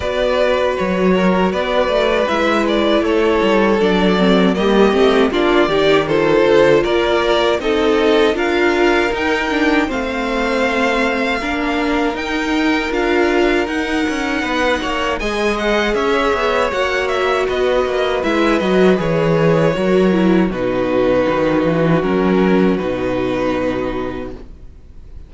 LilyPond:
<<
  \new Staff \with { instrumentName = "violin" } { \time 4/4 \tempo 4 = 79 d''4 cis''4 d''4 e''8 d''8 | cis''4 d''4 dis''4 d''4 | c''4 d''4 dis''4 f''4 | g''4 f''2. |
g''4 f''4 fis''2 | gis''8 fis''8 e''4 fis''8 e''8 dis''4 | e''8 dis''8 cis''2 b'4~ | b'4 ais'4 b'2 | }
  \new Staff \with { instrumentName = "violin" } { \time 4/4 b'4. ais'8 b'2 | a'2 g'4 f'8 g'8 | a'4 ais'4 a'4 ais'4~ | ais'4 c''2 ais'4~ |
ais'2. b'8 cis''8 | dis''4 cis''2 b'4~ | b'2 ais'4 fis'4~ | fis'1 | }
  \new Staff \with { instrumentName = "viola" } { \time 4/4 fis'2. e'4~ | e'4 d'8 c'8 ais8 c'8 d'8 dis'8 | f'2 dis'4 f'4 | dis'8 d'8 c'2 d'4 |
dis'4 f'4 dis'2 | gis'2 fis'2 | e'8 fis'8 gis'4 fis'8 e'8 dis'4~ | dis'4 cis'4 dis'2 | }
  \new Staff \with { instrumentName = "cello" } { \time 4/4 b4 fis4 b8 a8 gis4 | a8 g8 fis4 g8 a8 ais8 dis8~ | dis8 d8 ais4 c'4 d'4 | dis'4 a2 ais4 |
dis'4 d'4 dis'8 cis'8 b8 ais8 | gis4 cis'8 b8 ais4 b8 ais8 | gis8 fis8 e4 fis4 b,4 | dis8 e8 fis4 b,2 | }
>>